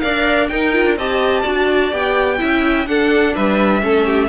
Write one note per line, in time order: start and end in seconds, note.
0.00 0.51 D4
0.00 0.49 A#4
0.00 0.50 D5
0.00 0.48 F5
0.48 0.86 D#4
0.48 0.73 D#4
0.48 0.98 A#4
0.48 0.96 G5
0.73 0.97 F4
0.86 0.96 D4
0.96 1.43 C4
0.96 1.44 G4
0.96 1.42 D#5
0.96 1.93 A5
1.42 1.92 D4
1.42 1.91 F#4
1.42 2.37 D5
1.91 2.40 B3
1.91 2.38 G4
1.91 2.87 G5
2.38 2.87 C#4
2.38 2.86 E4
2.38 2.88 E5
2.87 3.34 D4
2.87 3.81 D4
2.87 3.34 A4
2.87 3.34 F#5
3.34 3.82 G3
3.34 3.82 B4
3.34 4.28 E5
3.81 4.28 A3
3.81 4.28 C#4
3.81 4.05 A4
4.05 4.28 G4